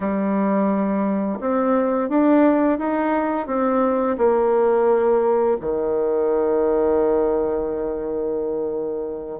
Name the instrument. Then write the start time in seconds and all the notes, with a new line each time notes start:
bassoon
0.00 G3
1.40 C4
2.09 D4
2.78 D#4
3.47 C4
4.17 A#3
5.60 D#3